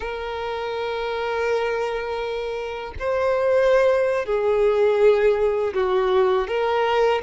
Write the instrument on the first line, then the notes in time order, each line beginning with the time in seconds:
violin
0.00 A#4
2.99 C5
4.25 G#4
5.74 F#4
6.47 A#4